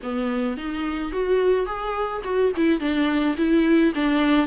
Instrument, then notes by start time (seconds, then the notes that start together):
viola
0.02 B3
0.57 D#4
1.12 F#4
1.65 G#4
2.24 F#4
2.56 E4
2.79 D4
3.37 E4
3.94 D4